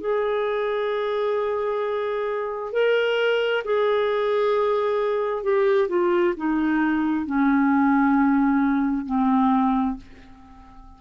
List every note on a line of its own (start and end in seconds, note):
0.00 2.72 G#4
2.72 3.63 A#4
3.64 5.43 G#4
5.43 5.88 G4
5.88 6.33 F4
6.37 7.26 D#4
7.26 9.05 C#4
9.05 9.96 C4